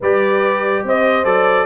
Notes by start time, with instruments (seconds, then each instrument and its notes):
0.01 tuba G3, trombone G4, horn B4, trumpet D5
0.83 tuba C4, horn C5, trumpet D#5
1.24 tuba F#3, trombone A4, trumpet D5